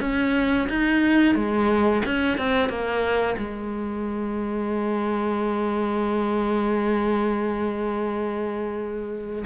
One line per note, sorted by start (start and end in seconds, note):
0.00 0.67 C#4
0.69 1.35 D#4
1.35 2.02 G#3
2.05 2.38 C#4
2.38 2.69 C4
2.69 3.36 A#3
3.38 9.44 G#3